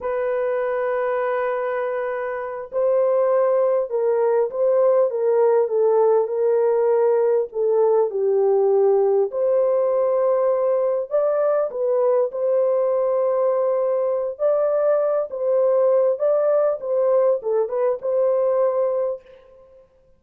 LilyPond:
\new Staff \with { instrumentName = "horn" } { \time 4/4 \tempo 4 = 100 b'1~ | b'8 c''2 ais'4 c''8~ | c''8 ais'4 a'4 ais'4.~ | ais'8 a'4 g'2 c''8~ |
c''2~ c''8 d''4 b'8~ | b'8 c''2.~ c''8 | d''4. c''4. d''4 | c''4 a'8 b'8 c''2 | }